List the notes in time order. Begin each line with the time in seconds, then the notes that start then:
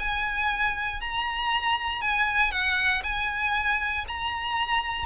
0.00 G#5
1.01 A#5
2.02 G#5
2.52 F#5
3.04 G#5
4.08 A#5